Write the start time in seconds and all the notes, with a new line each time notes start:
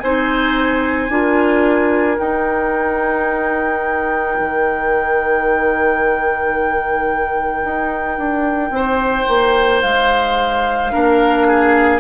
0.00 C4 D#4 C5 G#5
1.09 D4 F4 A#4
2.17 D#4 G5
4.40 D#3
7.64 D#4
8.18 D4
8.70 C4 C5
9.28 A#3
9.82 G#3 F5
10.92 A#3 D4 A#4
11.48 G#4